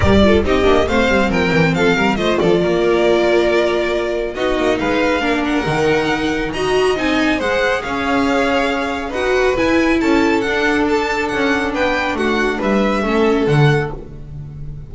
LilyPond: <<
  \new Staff \with { instrumentName = "violin" } { \time 4/4 \tempo 4 = 138 d''4 dis''4 f''4 g''4 | f''4 dis''8 d''2~ d''8~ | d''2 dis''4 f''4~ | f''8 fis''2~ fis''8 ais''4 |
gis''4 fis''4 f''2~ | f''4 fis''4 gis''4 a''4 | fis''4 a''4 fis''4 g''4 | fis''4 e''2 fis''4 | }
  \new Staff \with { instrumentName = "violin" } { \time 4/4 ais'8 a'8 g'4 c''4 ais'4 | a'8 ais'8 c''8 a'8 ais'2~ | ais'2 fis'4 b'4 | ais'2. dis''4~ |
dis''4 c''4 cis''2~ | cis''4 b'2 a'4~ | a'2. b'4 | fis'4 b'4 a'2 | }
  \new Staff \with { instrumentName = "viola" } { \time 4/4 g'8 f'8 dis'8 d'8 c'2~ | c'4 f'2.~ | f'2 dis'2 | d'4 dis'2 fis'4 |
dis'4 gis'2.~ | gis'4 fis'4 e'2 | d'1~ | d'2 cis'4 a4 | }
  \new Staff \with { instrumentName = "double bass" } { \time 4/4 g4 c'8 ais8 a8 g8 f8 e8 | f8 g8 a8 f8 ais2~ | ais2 b8 ais8 gis4 | ais4 dis2 dis'4 |
c'4 gis4 cis'2~ | cis'4 dis'4 e'4 cis'4 | d'2 cis'4 b4 | a4 g4 a4 d4 | }
>>